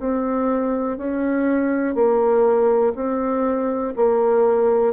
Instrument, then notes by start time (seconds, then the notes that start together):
bassoon
0.00 C4
0.98 C#4
1.95 A#3
2.96 C4
3.97 A#3